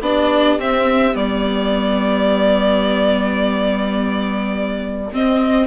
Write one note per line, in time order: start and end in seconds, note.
0.00 0.57 B3
0.00 0.59 D4
0.00 5.66 G4
0.00 0.59 D5
0.58 1.14 C4
0.58 1.13 C4
0.58 1.15 E5
1.13 5.11 G3
1.13 5.09 B3
1.13 5.12 D5
5.12 5.66 C4
5.12 5.66 D#5